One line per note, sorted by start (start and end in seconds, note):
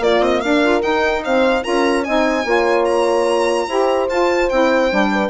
0.00 0.20 A#3
0.00 0.62 A#3
0.00 0.41 F4
0.00 0.23 D5
0.20 0.41 C4
0.20 0.41 D#5
0.41 0.82 D4
0.41 1.23 A#4
0.41 0.82 F5
0.63 0.81 F4
0.81 1.22 D#4
0.81 1.64 D#4
0.81 1.23 G5
1.24 1.63 C4
1.24 1.64 C5
1.24 1.64 F5
1.63 2.08 C#4
1.63 2.04 F4
1.63 2.04 A#4
1.63 2.04 A#5
2.04 2.45 C4
2.04 2.45 D#4
2.04 2.45 D#5
2.04 2.85 G#5
2.45 3.67 A#3
2.45 3.68 F4
2.45 3.68 C#5
2.85 4.07 A#5
3.68 4.09 E4
3.68 4.08 G4
3.68 5.11 C5
4.08 4.49 F4
4.08 4.49 A5
4.49 4.92 C4
4.49 4.91 E4
4.49 5.29 G5
4.91 5.29 G3
4.91 5.29 D4
5.12 5.29 B4